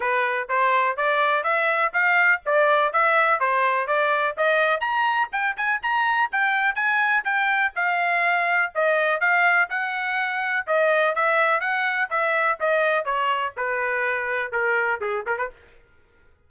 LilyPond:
\new Staff \with { instrumentName = "trumpet" } { \time 4/4 \tempo 4 = 124 b'4 c''4 d''4 e''4 | f''4 d''4 e''4 c''4 | d''4 dis''4 ais''4 g''8 gis''8 | ais''4 g''4 gis''4 g''4 |
f''2 dis''4 f''4 | fis''2 dis''4 e''4 | fis''4 e''4 dis''4 cis''4 | b'2 ais'4 gis'8 ais'16 b'16 | }